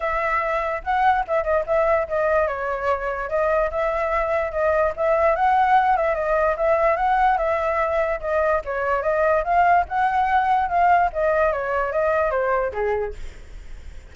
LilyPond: \new Staff \with { instrumentName = "flute" } { \time 4/4 \tempo 4 = 146 e''2 fis''4 e''8 dis''8 | e''4 dis''4 cis''2 | dis''4 e''2 dis''4 | e''4 fis''4. e''8 dis''4 |
e''4 fis''4 e''2 | dis''4 cis''4 dis''4 f''4 | fis''2 f''4 dis''4 | cis''4 dis''4 c''4 gis'4 | }